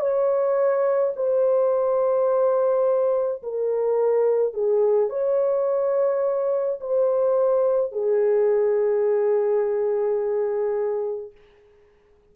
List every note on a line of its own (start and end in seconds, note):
0.00 1.13 C#5
1.16 3.43 C5
3.43 4.54 A#4
4.54 5.10 G#4
5.10 6.80 C#5
6.80 7.92 C5
7.92 11.32 G#4